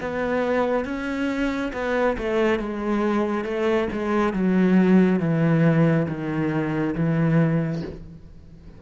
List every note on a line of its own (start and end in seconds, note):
0.00 0.85 B3
0.85 1.72 C#4
1.72 2.16 B3
2.17 2.59 A3
2.59 3.44 G#3
3.44 3.87 A3
3.92 4.33 G#3
4.33 5.19 F#3
5.19 6.06 E3
6.08 6.94 D#3
6.95 7.82 E3